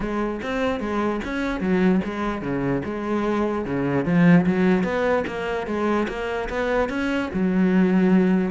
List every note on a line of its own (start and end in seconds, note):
0.00 0.40 G#3
0.42 0.80 C4
0.80 1.20 G#3
1.24 1.60 C#4
1.60 2.00 F#3
2.04 2.41 G#3
2.41 2.82 C#3
2.84 3.65 G#3
3.65 4.05 C#3
4.05 4.45 F3
4.46 4.83 F#3
4.83 5.24 B3
5.27 5.66 A#3
5.66 6.07 G#3
6.08 6.48 A#3
6.49 6.89 B3
6.89 7.29 C#4
7.33 8.50 F#3